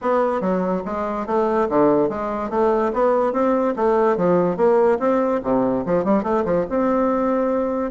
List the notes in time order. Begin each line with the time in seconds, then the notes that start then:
0.01 B3
0.41 F#3
0.85 G#3
1.26 A3
1.69 D3
2.09 G#3
2.50 A3
2.93 B3
3.32 C4
3.76 A3
4.16 F3
4.56 A#3
4.99 C4
5.43 C3
5.85 F3
6.04 G3
6.23 A3
6.45 F3
6.69 C4